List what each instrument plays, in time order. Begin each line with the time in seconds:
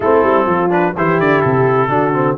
0.00 tuba A3, trombone C4, horn E4, trumpet A4
0.22 tuba G3
0.46 tuba F3, horn F4
0.69 trombone D4, trumpet B4
0.96 tuba E3, trombone E4, horn G4, trumpet C5
1.19 tuba D3, trumpet D5
1.41 tuba C3, trumpet A4
1.88 tuba D3, trombone D4, horn F#4
2.13 trombone C4